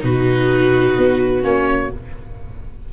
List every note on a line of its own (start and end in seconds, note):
0.00 0.98 B2
0.00 1.42 D#4
0.00 1.93 F#4
0.00 1.43 B4
0.98 1.44 B3
1.42 1.91 A#3
1.42 1.89 C#4
1.42 1.91 C#5